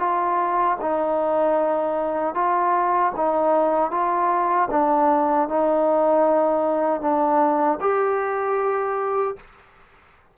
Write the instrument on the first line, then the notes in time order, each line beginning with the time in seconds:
trombone
0.00 F4
0.81 D#4
2.35 F4
3.16 D#4
3.91 F4
4.71 D4
5.49 D#4
7.01 D4
7.81 G4